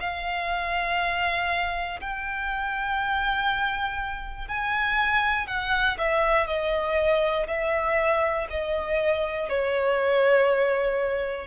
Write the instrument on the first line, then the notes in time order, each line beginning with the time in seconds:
violin
0.00 F5
2.00 G5
4.48 G#5
5.47 F#5
5.98 E5
6.47 D#5
7.48 E5
8.50 D#5
9.49 C#5